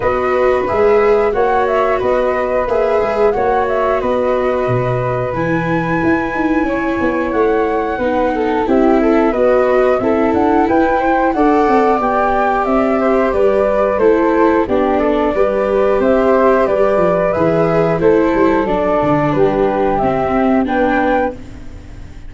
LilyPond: <<
  \new Staff \with { instrumentName = "flute" } { \time 4/4 \tempo 4 = 90 dis''4 e''4 fis''8 e''8 dis''4 | e''4 fis''8 e''8 dis''2 | gis''2. fis''4~ | fis''4 e''4 dis''4 e''8 fis''8 |
g''4 fis''4 g''4 e''4 | d''4 c''4 d''2 | e''4 d''4 e''4 c''4 | d''4 b'4 e''4 g''4 | }
  \new Staff \with { instrumentName = "flute" } { \time 4/4 b'2 cis''4 b'4~ | b'4 cis''4 b'2~ | b'2 cis''2 | b'8 a'8 g'8 a'8 b'4 a'4 |
b'8 c''8 d''2~ d''8 c''8 | b'4 a'4 g'8 a'8 b'4 | c''4 b'2 a'4~ | a'4 g'2 b'4 | }
  \new Staff \with { instrumentName = "viola" } { \time 4/4 fis'4 gis'4 fis'2 | gis'4 fis'2. | e'1 | dis'4 e'4 fis'4 e'4~ |
e'4 a'4 g'2~ | g'4 e'4 d'4 g'4~ | g'2 gis'4 e'4 | d'2 c'4 d'4 | }
  \new Staff \with { instrumentName = "tuba" } { \time 4/4 b4 gis4 ais4 b4 | ais8 gis8 ais4 b4 b,4 | e4 e'8 dis'8 cis'8 b8 a4 | b4 c'4 b4 c'8 d'8 |
e'4 d'8 c'8 b4 c'4 | g4 a4 b4 g4 | c'4 g8 f8 e4 a8 g8 | fis8 d8 g4 c'4 b4 | }
>>